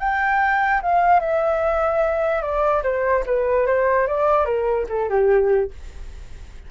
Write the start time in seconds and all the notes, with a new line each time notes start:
0.00 G5
0.83 F5
1.20 E5
2.42 D5
2.84 C5
3.26 B4
3.67 C5
4.08 D5
4.46 A#4
4.89 A4
5.10 G4